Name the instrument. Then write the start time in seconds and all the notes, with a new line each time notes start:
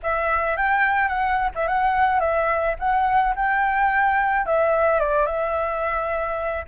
flute
0.02 E5
0.56 G5
1.08 F#5
1.55 E5
1.67 F#5
2.20 E5
2.79 F#5
3.35 G5
4.46 E5
4.99 D5
5.26 E5